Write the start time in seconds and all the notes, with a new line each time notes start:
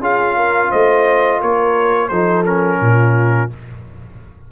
0.00 C#4 F4 G#4 F5
0.36 A#4
0.70 A3 C5 D#5
1.41 A#3 A#4 C#5
2.08 F3 D#4 A4 C5
2.46 C#4 A#4
2.81 A#2 F4